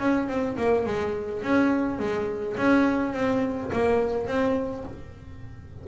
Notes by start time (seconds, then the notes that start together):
0.00 C#4
0.29 C4
0.58 A#3
0.86 G#3
1.43 C#4
2.00 G#3
2.58 C#4
3.14 C4
3.73 A#3
4.28 C4